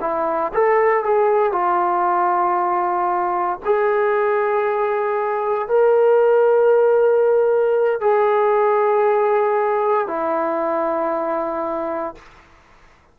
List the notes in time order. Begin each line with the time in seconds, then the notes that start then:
0.00 E4
0.53 A4
1.03 G#4
1.52 F4
3.65 G#4
5.68 A#4
8.00 G#4
10.07 E4